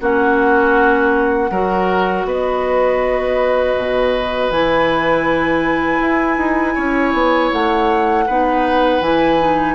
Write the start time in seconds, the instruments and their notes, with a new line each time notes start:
0.00 bassoon A#3, clarinet C#4, oboe F#4, flute F#5
1.51 bassoon F#3, clarinet F#4, oboe A#4
2.25 bassoon B3, oboe B4, flute D#5
3.77 bassoon B2
4.50 bassoon E3, clarinet E4, flute G#5
6.01 bassoon E4
6.37 bassoon D#4
6.75 bassoon C#4, oboe C#5
7.13 bassoon B3
7.52 bassoon A3, flute F#5
8.26 bassoon B3, clarinet D#4, oboe B4
9.01 bassoon E3, clarinet E4, flute G#5
9.39 clarinet D#4